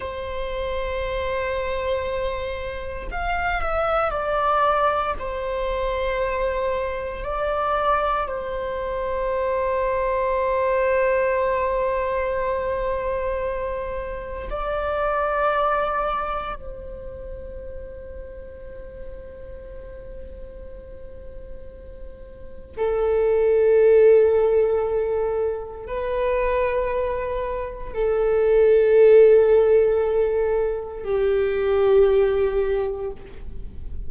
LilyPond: \new Staff \with { instrumentName = "viola" } { \time 4/4 \tempo 4 = 58 c''2. f''8 e''8 | d''4 c''2 d''4 | c''1~ | c''2 d''2 |
c''1~ | c''2 a'2~ | a'4 b'2 a'4~ | a'2 g'2 | }